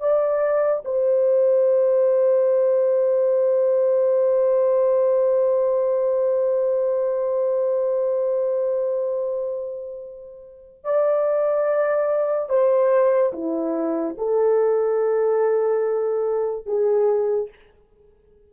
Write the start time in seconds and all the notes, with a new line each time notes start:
0.00 D5
0.85 C5
10.84 D5
12.49 C5
13.33 E4
14.18 A4
16.66 G#4